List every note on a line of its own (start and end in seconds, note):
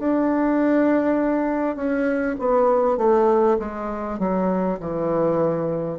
0.00 1.76 D4
1.76 2.36 C#4
2.39 2.98 B3
2.98 3.58 A3
3.59 4.19 G#3
4.19 4.79 F#3
4.80 5.99 E3